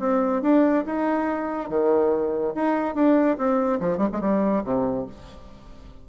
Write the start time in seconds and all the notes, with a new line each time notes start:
0.00 C4
0.42 D4
0.86 D#4
1.70 D#3
2.55 D#4
2.95 D4
3.38 C4
3.80 F3
3.98 G3
4.13 G#3
4.21 G3
4.64 C3